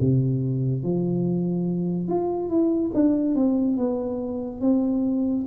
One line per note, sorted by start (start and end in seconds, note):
0.00 0.83 C3
0.83 2.08 F3
2.08 2.49 F4
2.49 2.92 E4
2.94 3.35 D4
3.35 3.77 C4
3.77 4.61 B3
4.61 5.45 C4